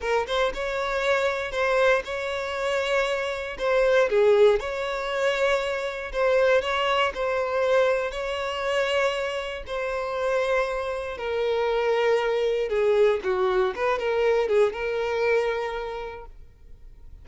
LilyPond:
\new Staff \with { instrumentName = "violin" } { \time 4/4 \tempo 4 = 118 ais'8 c''8 cis''2 c''4 | cis''2. c''4 | gis'4 cis''2. | c''4 cis''4 c''2 |
cis''2. c''4~ | c''2 ais'2~ | ais'4 gis'4 fis'4 b'8 ais'8~ | ais'8 gis'8 ais'2. | }